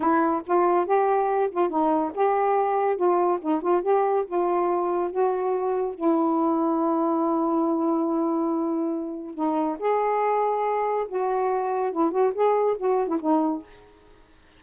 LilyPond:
\new Staff \with { instrumentName = "saxophone" } { \time 4/4 \tempo 4 = 141 e'4 f'4 g'4. f'8 | dis'4 g'2 f'4 | dis'8 f'8 g'4 f'2 | fis'2 e'2~ |
e'1~ | e'2 dis'4 gis'4~ | gis'2 fis'2 | e'8 fis'8 gis'4 fis'8. e'16 dis'4 | }